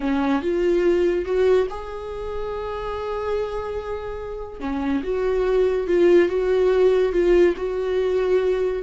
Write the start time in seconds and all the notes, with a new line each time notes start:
0.00 C#4
0.42 F4
1.25 F#4
1.69 G#4
4.60 C#4
5.03 F#4
5.87 F4
6.28 F#4
7.12 F4
7.56 F#4